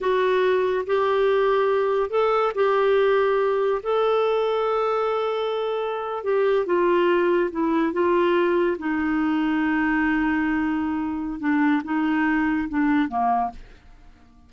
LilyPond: \new Staff \with { instrumentName = "clarinet" } { \time 4/4 \tempo 4 = 142 fis'2 g'2~ | g'4 a'4 g'2~ | g'4 a'2.~ | a'2~ a'8. g'4 f'16~ |
f'4.~ f'16 e'4 f'4~ f'16~ | f'8. dis'2.~ dis'16~ | dis'2. d'4 | dis'2 d'4 ais4 | }